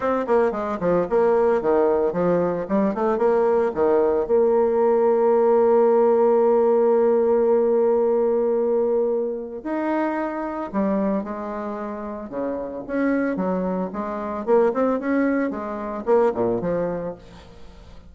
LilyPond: \new Staff \with { instrumentName = "bassoon" } { \time 4/4 \tempo 4 = 112 c'8 ais8 gis8 f8 ais4 dis4 | f4 g8 a8 ais4 dis4 | ais1~ | ais1~ |
ais2 dis'2 | g4 gis2 cis4 | cis'4 fis4 gis4 ais8 c'8 | cis'4 gis4 ais8 ais,8 f4 | }